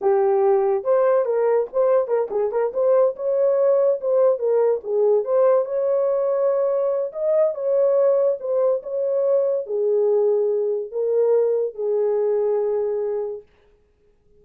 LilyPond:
\new Staff \with { instrumentName = "horn" } { \time 4/4 \tempo 4 = 143 g'2 c''4 ais'4 | c''4 ais'8 gis'8 ais'8 c''4 cis''8~ | cis''4. c''4 ais'4 gis'8~ | gis'8 c''4 cis''2~ cis''8~ |
cis''4 dis''4 cis''2 | c''4 cis''2 gis'4~ | gis'2 ais'2 | gis'1 | }